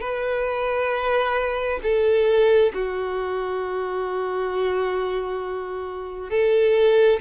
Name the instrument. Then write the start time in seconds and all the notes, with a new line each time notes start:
violin
0.00 B4
1.82 A4
2.73 F#4
6.30 A4